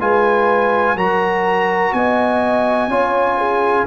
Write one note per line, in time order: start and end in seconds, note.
0.00 0.96 G#3
0.00 0.97 F4
0.00 0.96 B4
0.00 0.98 G#5
0.96 1.92 F#3
0.96 2.91 F#4
0.96 1.93 A#4
0.96 1.93 A#5
1.93 2.88 B3
1.93 2.91 D#5
1.93 3.87 G#5
2.88 3.85 C#4
2.88 3.87 F4
2.88 3.38 C#5
3.38 3.87 G#4